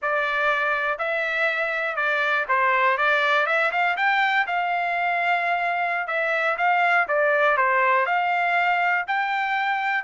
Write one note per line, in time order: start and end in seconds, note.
0.01 0.98 D5
0.98 1.96 E5
1.96 2.45 D5
2.48 2.97 C5
2.97 3.46 D5
3.46 3.71 E5
3.71 3.96 F5
3.96 4.46 G5
4.46 6.07 F5
6.07 6.56 E5
6.57 7.07 F5
7.08 7.57 D5
7.57 8.06 C5
8.06 9.05 F5
9.07 10.04 G5